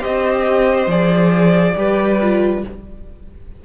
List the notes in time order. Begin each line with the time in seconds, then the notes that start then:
0.00 C4 G4 C5 D#5
0.87 F3 G#4 D5
1.77 G3 G4 B4
2.21 F4